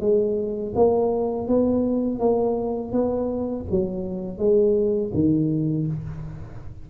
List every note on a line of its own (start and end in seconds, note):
0.00 0.73 G#3
0.75 1.48 A#3
1.48 2.19 B3
2.19 2.92 A#3
2.92 3.65 B3
3.71 4.38 F#3
4.38 5.11 G#3
5.14 5.87 D#3